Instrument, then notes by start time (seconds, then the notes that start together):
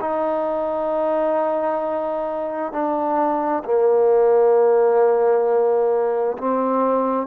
trombone
0.00 D#4
2.72 D4
3.64 A#3
6.38 C4